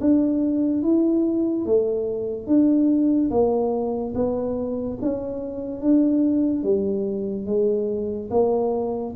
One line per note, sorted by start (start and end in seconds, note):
0.00 0.82 D4
0.82 1.65 E4
1.65 2.46 A3
2.46 3.30 D4
3.30 4.13 A#3
4.14 4.98 B3
5.01 5.81 C#4
5.81 6.63 D4
6.63 7.46 G3
7.46 8.29 G#3
8.30 9.14 A#3